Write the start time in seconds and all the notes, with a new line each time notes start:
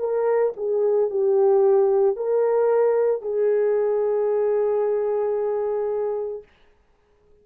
0.00 A#4
0.57 G#4
1.11 G4
2.16 A#4
3.22 G#4